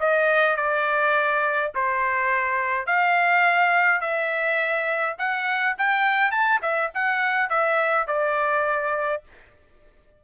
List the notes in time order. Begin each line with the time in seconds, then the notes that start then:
0.00 D#5
0.56 D5
1.75 C5
2.86 F5
4.00 E5
5.18 F#5
5.78 G5
6.31 A5
6.62 E5
6.94 F#5
7.49 E5
8.07 D5